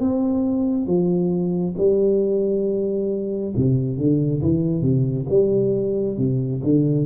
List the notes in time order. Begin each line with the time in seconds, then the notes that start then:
0.00 C4
0.87 F3
1.78 G3
3.57 C3
3.97 D3
4.42 E3
4.82 C3
5.30 G3
6.18 C3
6.64 D3